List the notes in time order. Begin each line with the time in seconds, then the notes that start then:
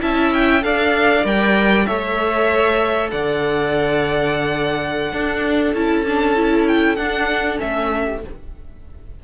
0.00 C#4 E4 E5 A5
0.33 G5
0.61 D4 A4 D5 F5
1.24 G3 A#4 G5
1.86 A3 A4 C#5 E5
3.11 D3 D5 F#5
5.12 D4 A4
5.73 C#4 E4 A5
6.07 D4
6.36 E4
6.67 G5
6.96 D4 F#5
7.56 C#4 E5
7.62 A3
8.04 G4